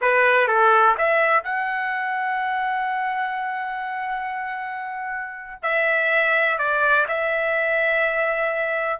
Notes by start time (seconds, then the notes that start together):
0.01 B4
0.47 A4
0.98 E5
1.43 F#5
5.62 E5
6.58 D5
7.08 E5